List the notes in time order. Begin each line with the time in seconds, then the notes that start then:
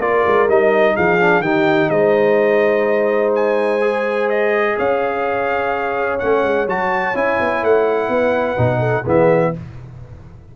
0.00 A#3 F4 A#4 D5
0.28 G#3
0.49 G3 D#4 D#5
0.96 F3 G#4 F5
1.21 D4
1.40 D#3 D#4 G4 G5
1.90 G#3 C5 D#5
3.36 G#5
3.82 G#4
4.30 D#5
4.78 C#4 C#5 F5
6.19 A3 C#4 F#5
6.43 G#3
6.67 F#3 F#4 A5
7.15 C#4 E4 G#5
7.40 B3
7.63 A3 F#5
8.09 B3 B4
8.57 B2 D#4
8.79 A4
9.03 E3 B3 G#4 E5